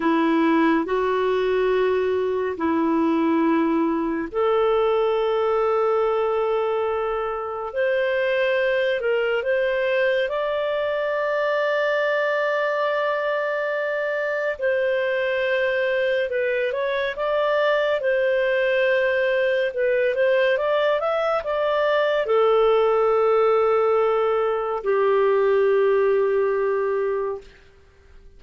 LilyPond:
\new Staff \with { instrumentName = "clarinet" } { \time 4/4 \tempo 4 = 70 e'4 fis'2 e'4~ | e'4 a'2.~ | a'4 c''4. ais'8 c''4 | d''1~ |
d''4 c''2 b'8 cis''8 | d''4 c''2 b'8 c''8 | d''8 e''8 d''4 a'2~ | a'4 g'2. | }